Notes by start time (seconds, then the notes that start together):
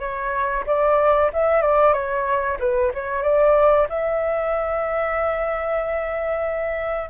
0.00 C#5
0.67 D5
1.33 E5
1.62 D5
1.94 C#5
2.60 B4
2.94 C#5
3.23 D5
3.89 E5